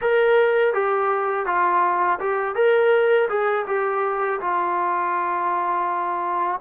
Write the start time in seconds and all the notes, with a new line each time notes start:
0.01 A#4
0.73 G4
1.46 F4
2.19 G4
2.55 A#4
3.29 G#4
3.67 G4
4.40 F4